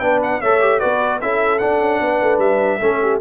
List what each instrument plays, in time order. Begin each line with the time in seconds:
0.00 tuba B3, trombone D4, horn B4, trumpet G5
0.23 trumpet F#5
0.41 tuba A3, trombone A4, horn C#5, trumpet E5
0.61 trombone G4
0.80 tuba B3, trombone F#4, horn B4, trumpet D5
1.21 tuba C#4, trombone E4, horn A4, trumpet E5
1.59 trombone D4, tuba D4, trumpet F#5
1.81 tuba C#4
2.01 tuba B3, horn B4
2.22 tuba A3
2.39 tuba G3, trumpet E5
2.80 tuba A3, trombone C#4, horn A4
3.02 horn G4